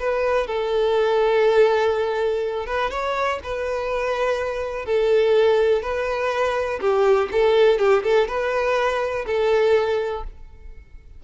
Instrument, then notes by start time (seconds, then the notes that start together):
violin
0.00 B4
0.47 A4
2.67 B4
2.91 C#5
3.44 B4
4.86 A4
5.83 B4
6.81 G4
7.32 A4
7.79 G4
8.04 A4
8.28 B4
9.27 A4